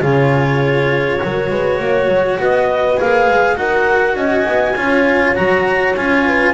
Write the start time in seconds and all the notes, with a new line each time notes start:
0.00 C#3 F4 G#4 C#5
1.19 F#3 F#4 A#4
1.50 G#3 B4
1.79 A#3 C#5
2.07 F#3
2.40 B3 B4 D#5
2.97 A#3 G#4 F5
3.28 G#3
3.55 D#4 F#4 A#4 F#5
4.16 C#4 D#5 G#5
4.47 B3
4.76 C#4 F4 C#5
5.35 F#3 F#4 A#5
5.95 C#4 F4 G#5
6.25 B4